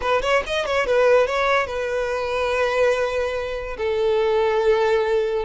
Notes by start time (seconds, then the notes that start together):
0.01 B4
0.22 C#5
0.46 D#5
0.65 C#5
0.86 B4
1.26 C#5
1.66 B4
3.77 A4